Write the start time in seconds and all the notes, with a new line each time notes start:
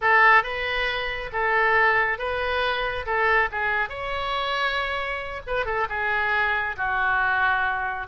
0.01 A4
0.43 B4
1.32 A4
2.18 B4
3.06 A4
3.51 G#4
3.89 C#5
5.46 B4
5.65 A4
5.89 G#4
6.76 F#4